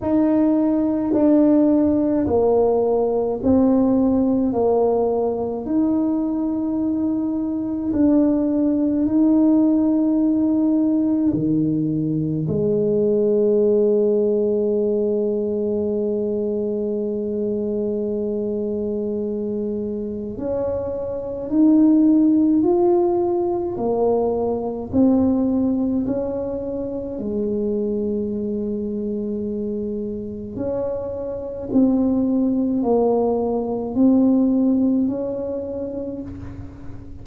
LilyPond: \new Staff \with { instrumentName = "tuba" } { \time 4/4 \tempo 4 = 53 dis'4 d'4 ais4 c'4 | ais4 dis'2 d'4 | dis'2 dis4 gis4~ | gis1~ |
gis2 cis'4 dis'4 | f'4 ais4 c'4 cis'4 | gis2. cis'4 | c'4 ais4 c'4 cis'4 | }